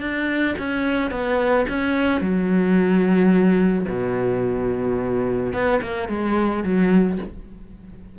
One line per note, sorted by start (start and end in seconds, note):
0.00 0.55 D4
0.59 1.11 C#4
1.11 1.66 B3
1.69 2.21 C#4
2.21 3.86 F#3
3.88 5.53 B2
5.53 5.80 B3
5.82 6.09 A#3
6.09 6.64 G#3
6.64 7.19 F#3